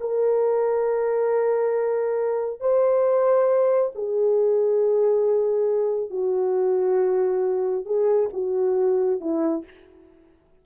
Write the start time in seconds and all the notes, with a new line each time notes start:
0.00 A#4
2.60 C5
3.95 G#4
6.10 F#4
7.85 G#4
8.33 F#4
9.20 E4